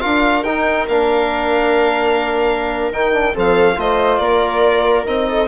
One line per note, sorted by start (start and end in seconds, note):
0.00 0.44 D4
0.00 0.43 F4
0.00 3.33 A#4
0.00 0.43 F5
0.43 0.87 D#4
0.43 0.89 D#4
0.43 0.86 G5
0.88 2.91 A#3
0.88 2.93 D4
0.88 2.92 F5
2.91 3.34 D#3
2.91 3.12 D#4
2.91 3.35 G5
3.12 3.34 D4
3.33 3.77 F3
3.33 3.76 C4
3.33 3.76 A4
3.33 3.79 F5
3.76 4.19 A3
3.76 5.04 F4
3.76 4.22 C5
3.76 4.18 D#5
4.18 5.04 A#3
4.18 5.29 A#4
4.18 5.04 D5
5.04 5.48 C4
5.04 5.47 D#4
5.04 5.48 D#5
5.29 5.48 A4